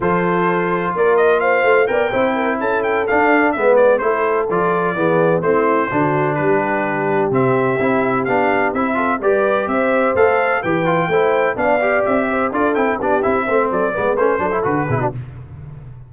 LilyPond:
<<
  \new Staff \with { instrumentName = "trumpet" } { \time 4/4 \tempo 4 = 127 c''2 d''8 dis''8 f''4 | g''4. a''8 g''8 f''4 e''8 | d''8 c''4 d''2 c''8~ | c''4. b'2 e''8~ |
e''4. f''4 e''4 d''8~ | d''8 e''4 f''4 g''4.~ | g''8 f''4 e''4 d''8 g''8 d''8 | e''4 d''4 c''4 b'4 | }
  \new Staff \with { instrumentName = "horn" } { \time 4/4 a'2 ais'4 c''4 | d''8 c''8 ais'8 a'2 b'8~ | b'8 a'2 gis'4 e'8~ | e'8 fis'4 g'2~ g'8~ |
g'2. a'8 b'8~ | b'8 c''2 b'4 c''8~ | c''8 d''4. c''8 a'4 g'8~ | g'8 c''8 a'8 b'4 a'4 gis'16 fis'16 | }
  \new Staff \with { instrumentName = "trombone" } { \time 4/4 f'1 | ais'8 e'2 d'4 b8~ | b8 e'4 f'4 b4 c'8~ | c'8 d'2. c'8~ |
c'8 e'4 d'4 e'8 f'8 g'8~ | g'4. a'4 g'8 f'8 e'8~ | e'8 d'8 g'4. f'8 e'8 d'8 | e'8 c'4 b8 cis'8 d'16 e'16 fis'8 e'16 d'16 | }
  \new Staff \with { instrumentName = "tuba" } { \time 4/4 f2 ais4. a8 | b8 c'4 cis'4 d'4 gis8~ | gis8 a4 f4 e4 a8~ | a8 d4 g2 c8~ |
c8 c'4 b4 c'4 g8~ | g8 c'4 a4 e4 a8~ | a8 b4 c'4 d'8 c'8 b8 | c'8 a8 fis8 gis8 a8 fis8 d8 b,8 | }
>>